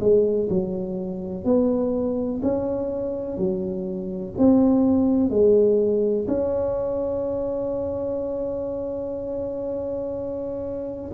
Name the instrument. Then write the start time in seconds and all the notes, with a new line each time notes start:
tuba
0.00 G#3
0.49 F#3
1.44 B3
2.42 C#4
3.37 F#3
4.38 C4
5.30 G#3
6.27 C#4